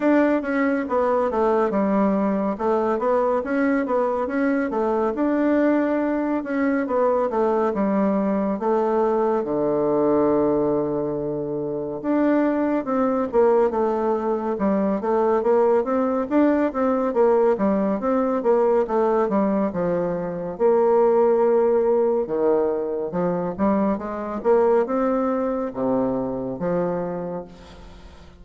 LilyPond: \new Staff \with { instrumentName = "bassoon" } { \time 4/4 \tempo 4 = 70 d'8 cis'8 b8 a8 g4 a8 b8 | cis'8 b8 cis'8 a8 d'4. cis'8 | b8 a8 g4 a4 d4~ | d2 d'4 c'8 ais8 |
a4 g8 a8 ais8 c'8 d'8 c'8 | ais8 g8 c'8 ais8 a8 g8 f4 | ais2 dis4 f8 g8 | gis8 ais8 c'4 c4 f4 | }